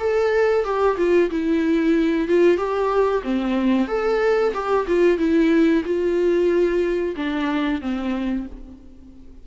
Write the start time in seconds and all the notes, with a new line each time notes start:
0.00 A4
0.65 G4
0.98 F4
1.31 E4
2.28 F4
2.58 G4
3.23 C4
3.88 A4
4.54 G4
4.88 F4
5.18 E4
5.85 F4
7.16 D4
7.82 C4